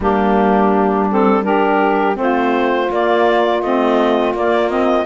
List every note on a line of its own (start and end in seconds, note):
0.00 2.17 G3
0.00 1.09 A#3
0.00 1.45 D4
0.00 1.10 G4
1.11 1.43 C4
1.11 1.44 A4
1.43 2.14 D4
1.43 2.17 G4
1.43 2.16 A#4
2.14 2.89 A3
2.14 2.86 C4
2.14 5.06 F4
2.14 2.92 C5
2.89 3.61 A#3
2.89 3.62 A#3
2.89 3.62 D5
3.62 4.33 A3
3.62 4.35 C4
3.62 4.34 D#5
4.33 5.06 A#3
4.33 4.70 A#3
4.33 4.70 D5
4.70 5.06 C4
4.70 5.06 D#5